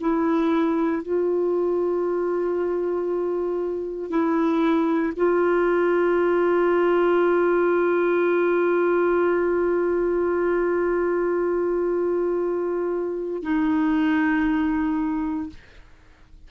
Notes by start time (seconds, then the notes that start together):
0.00 E4
1.02 F4
4.09 E4
5.16 F4
13.42 D#4